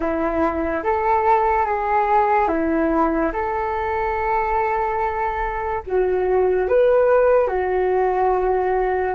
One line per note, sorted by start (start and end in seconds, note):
0.00 0.83 E4
0.83 1.65 A4
1.65 2.48 G#4
2.48 3.31 E4
3.32 5.82 A4
5.86 6.68 F#4
6.68 7.47 B4
7.47 9.14 F#4